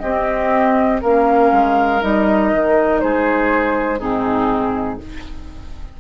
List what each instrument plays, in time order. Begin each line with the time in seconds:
0.00 clarinet C4, bassoon C4, oboe G4, flute D#5
1.02 bassoon A#3, clarinet C#4, oboe A#4, flute F5
1.52 bassoon G#3
2.01 bassoon G3, clarinet D#4, flute D#5
2.53 bassoon D#3
3.01 bassoon G#3, oboe G#4, flute C5
4.00 bassoon G#2, clarinet C4, oboe D#4, flute G#4